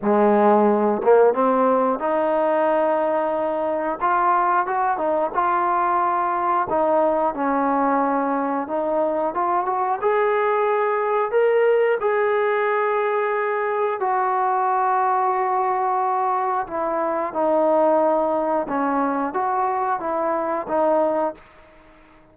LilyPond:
\new Staff \with { instrumentName = "trombone" } { \time 4/4 \tempo 4 = 90 gis4. ais8 c'4 dis'4~ | dis'2 f'4 fis'8 dis'8 | f'2 dis'4 cis'4~ | cis'4 dis'4 f'8 fis'8 gis'4~ |
gis'4 ais'4 gis'2~ | gis'4 fis'2.~ | fis'4 e'4 dis'2 | cis'4 fis'4 e'4 dis'4 | }